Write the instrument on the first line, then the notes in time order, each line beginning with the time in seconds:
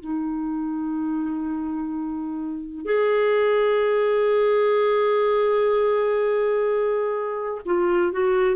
clarinet
0.00 D#4
2.84 G#4
7.65 F4
8.12 F#4